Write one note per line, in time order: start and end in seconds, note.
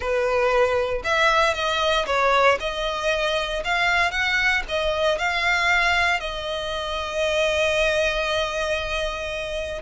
0.00 1.03 B4
1.04 1.54 E5
1.54 2.05 D#5
2.06 2.58 C#5
2.60 3.63 D#5
3.64 4.11 F5
4.11 4.62 F#5
4.68 5.18 D#5
5.18 6.20 F5
6.20 9.82 D#5